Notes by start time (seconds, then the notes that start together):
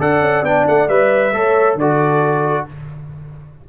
0.00 D4 A4 D5 F#5
0.20 C#4
0.43 B3 D4 G5
0.68 A3 F#5
0.89 G3 B4 E5
1.33 A3 A4 C#5
1.75 D3 F#4 A4 D5